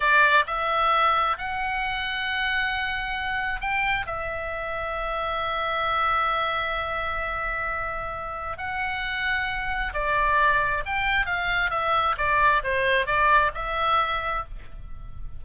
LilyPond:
\new Staff \with { instrumentName = "oboe" } { \time 4/4 \tempo 4 = 133 d''4 e''2 fis''4~ | fis''1 | g''4 e''2.~ | e''1~ |
e''2. fis''4~ | fis''2 d''2 | g''4 f''4 e''4 d''4 | c''4 d''4 e''2 | }